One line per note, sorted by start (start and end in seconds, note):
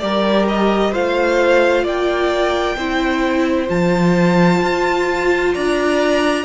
0.00 0.95 G3
0.00 0.93 G4
0.00 0.92 A#4
0.00 0.46 D5
0.48 0.95 D#5
0.92 1.86 A3
0.92 2.78 F4
0.92 1.84 C5
0.92 1.87 F5
1.84 2.77 A#3
1.84 2.76 D5
1.84 3.70 G5
2.77 3.69 C4
2.77 3.67 E4
2.77 5.54 C5
3.67 4.62 F3
3.67 6.44 F4
3.67 5.54 A5
4.62 5.54 F4
5.54 6.45 D4
5.54 6.45 D5
5.54 6.45 A#5